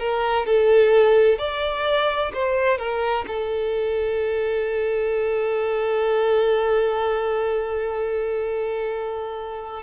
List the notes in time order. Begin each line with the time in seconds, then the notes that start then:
0.00 A#4
0.46 A4
1.39 D5
2.34 C5
2.78 A#4
3.28 A4